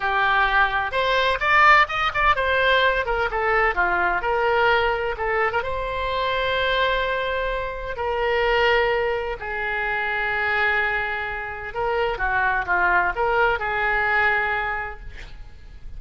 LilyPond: \new Staff \with { instrumentName = "oboe" } { \time 4/4 \tempo 4 = 128 g'2 c''4 d''4 | dis''8 d''8 c''4. ais'8 a'4 | f'4 ais'2 a'8. ais'16 | c''1~ |
c''4 ais'2. | gis'1~ | gis'4 ais'4 fis'4 f'4 | ais'4 gis'2. | }